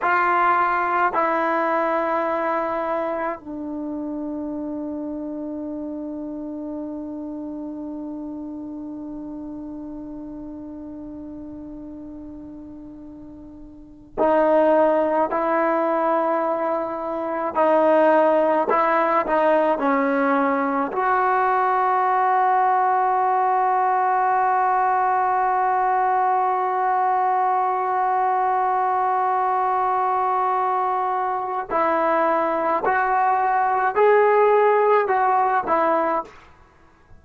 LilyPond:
\new Staff \with { instrumentName = "trombone" } { \time 4/4 \tempo 4 = 53 f'4 e'2 d'4~ | d'1~ | d'1~ | d'8 dis'4 e'2 dis'8~ |
dis'8 e'8 dis'8 cis'4 fis'4.~ | fis'1~ | fis'1 | e'4 fis'4 gis'4 fis'8 e'8 | }